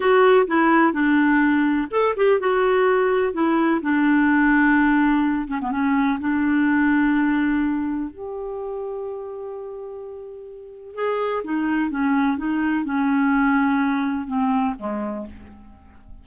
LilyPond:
\new Staff \with { instrumentName = "clarinet" } { \time 4/4 \tempo 4 = 126 fis'4 e'4 d'2 | a'8 g'8 fis'2 e'4 | d'2.~ d'8 cis'16 b16 | cis'4 d'2.~ |
d'4 g'2.~ | g'2. gis'4 | dis'4 cis'4 dis'4 cis'4~ | cis'2 c'4 gis4 | }